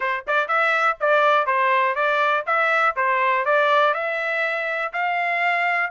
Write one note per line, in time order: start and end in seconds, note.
0.00 0.25 C5
0.27 0.47 D5
0.47 0.97 E5
1.00 1.46 D5
1.46 1.95 C5
1.95 2.44 D5
2.46 2.95 E5
2.96 3.45 C5
3.45 3.93 D5
3.93 4.92 E5
4.92 5.90 F5